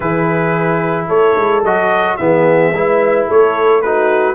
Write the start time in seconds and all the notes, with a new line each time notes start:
0.00 E3 E4 G#4 B4
1.08 A3 A4 C#5
1.36 G#3
1.63 F#3 F#4 D#5
2.17 E3 B3 G#4 E5
2.72 G#3 E4 B4
3.27 A3 A4 C#5
3.81 D#4 F#4 B4